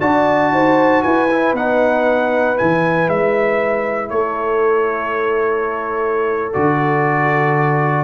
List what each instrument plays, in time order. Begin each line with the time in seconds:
0.00 tuba D4, trombone F#4, horn D5, trumpet A5
0.52 tuba D#4, horn C5
1.03 tuba E4, horn B4, trumpet G#5
1.31 trombone E4
1.53 tuba B3, trombone D#4, trumpet F#5
2.57 tuba E3, trombone E4, trumpet G#5
3.08 tuba G#3, trumpet E5
4.09 tuba A3, horn A4, trumpet C#5
6.53 tuba D3, trombone F#4, trumpet D5